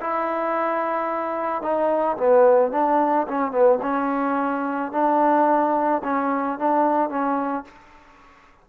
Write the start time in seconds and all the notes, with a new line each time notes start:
0.00 E4
1.62 D#4
2.17 B3
2.71 D4
3.27 C#4
3.51 B3
3.82 C#4
4.92 D4
6.04 C#4
6.59 D4
7.09 C#4